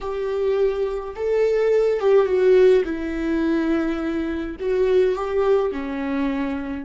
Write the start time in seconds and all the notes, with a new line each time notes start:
0.00 G4
1.15 A4
2.00 G4
2.26 F#4
2.84 E4
4.59 F#4
5.15 G4
5.72 C#4